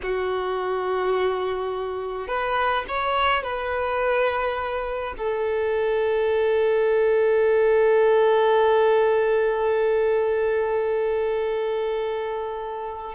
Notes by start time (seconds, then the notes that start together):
0.02 F#4
2.27 B4
2.88 C#5
3.43 B4
5.17 A4